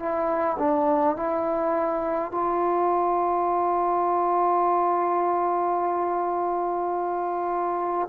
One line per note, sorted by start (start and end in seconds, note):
0.00 0.58 E4
0.59 1.16 D4
1.16 2.32 E4
2.32 8.09 F4